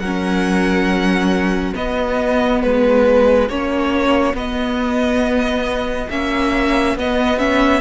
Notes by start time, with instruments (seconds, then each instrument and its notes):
0.00 cello F#3, viola C#4, violin A#4 F#5
1.75 viola B3, cello B3, violin F#4 D#5
2.63 cello G#3, violin B4
3.49 cello A#3, viola C#4, violin C#5
4.34 cello B3, viola B3, violin D#5
6.10 cello A#3, viola C#4, violin E5
6.95 cello B3, viola B3, violin D#5
7.38 viola C#4, violin E5